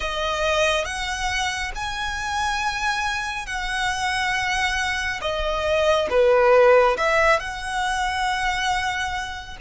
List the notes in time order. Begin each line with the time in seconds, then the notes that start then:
0.00 D#5
0.85 F#5
1.75 G#5
3.46 F#5
5.21 D#5
6.09 B4
6.97 E5
7.39 F#5